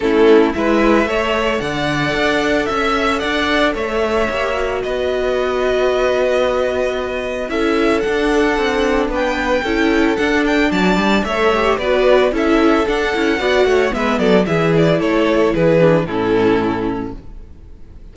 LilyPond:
<<
  \new Staff \with { instrumentName = "violin" } { \time 4/4 \tempo 4 = 112 a'4 e''2 fis''4~ | fis''4 e''4 fis''4 e''4~ | e''4 dis''2.~ | dis''2 e''4 fis''4~ |
fis''4 g''2 fis''8 g''8 | a''4 e''4 d''4 e''4 | fis''2 e''8 d''8 e''8 d''8 | cis''4 b'4 a'2 | }
  \new Staff \with { instrumentName = "violin" } { \time 4/4 e'4 b'4 cis''4 d''4~ | d''4 e''4 d''4 cis''4~ | cis''4 b'2.~ | b'2 a'2~ |
a'4 b'4 a'2 | d''4 cis''4 b'4 a'4~ | a'4 d''8 cis''8 b'8 a'8 gis'4 | a'4 gis'4 e'2 | }
  \new Staff \with { instrumentName = "viola" } { \time 4/4 cis'4 e'4 a'2~ | a'1 | g'8 fis'2.~ fis'8~ | fis'2 e'4 d'4~ |
d'2 e'4 d'4~ | d'4 a'8 g'8 fis'4 e'4 | d'8 e'8 fis'4 b4 e'4~ | e'4. d'8 cis'2 | }
  \new Staff \with { instrumentName = "cello" } { \time 4/4 a4 gis4 a4 d4 | d'4 cis'4 d'4 a4 | ais4 b2.~ | b2 cis'4 d'4 |
c'4 b4 cis'4 d'4 | fis8 g8 a4 b4 cis'4 | d'8 cis'8 b8 a8 gis8 fis8 e4 | a4 e4 a,2 | }
>>